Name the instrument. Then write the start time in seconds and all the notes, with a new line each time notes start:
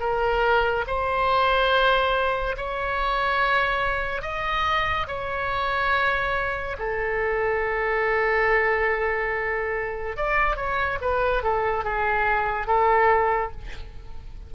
oboe
0.00 A#4
0.87 C5
2.57 C#5
4.22 D#5
5.07 C#5
6.79 A4
10.17 D5
10.56 C#5
11.01 B4
11.43 A4
11.84 G#4
12.67 A4